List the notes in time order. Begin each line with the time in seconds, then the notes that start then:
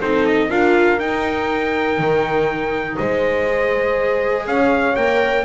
0.00 C4 D#4 A4 C5
0.26 D#5
0.49 D4 F4 A#4 F5
0.99 D#4 G5
1.98 D#3
2.97 G#3 C5 D#5
3.46 G#4
4.46 C#4 C#5 F5
4.96 A#3 A#4 G5